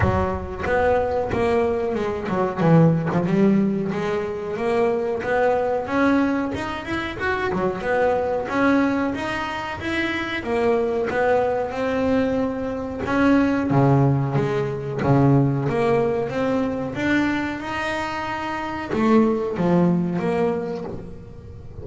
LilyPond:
\new Staff \with { instrumentName = "double bass" } { \time 4/4 \tempo 4 = 92 fis4 b4 ais4 gis8 fis8 | e8. f16 g4 gis4 ais4 | b4 cis'4 dis'8 e'8 fis'8 fis8 | b4 cis'4 dis'4 e'4 |
ais4 b4 c'2 | cis'4 cis4 gis4 cis4 | ais4 c'4 d'4 dis'4~ | dis'4 a4 f4 ais4 | }